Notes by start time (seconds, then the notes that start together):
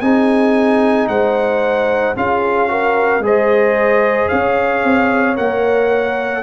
0.00 C4 D#4 G#4 G#5
1.08 G#3 C5 F#5
2.16 C#4 F4 G#4 F5
2.68 F#4 A#4
3.19 G#3 G#4 C5
3.26 D#5
4.28 C#4 C#5 F5
4.84 C4
5.35 A#3 A#4 F#5